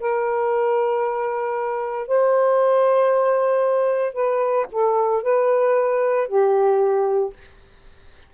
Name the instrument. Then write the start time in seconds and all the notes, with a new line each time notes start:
saxophone
0.00 A#4
2.08 C5
4.13 B4
4.72 A4
5.22 B4
6.28 G4